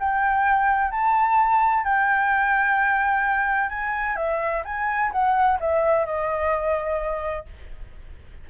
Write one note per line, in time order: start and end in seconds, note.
0.00 0.92 G5
0.92 1.84 A5
1.84 3.70 G5
3.70 4.16 G#5
4.16 4.63 E5
4.65 5.12 G#5
5.12 5.59 F#5
5.60 6.06 E5
6.06 7.47 D#5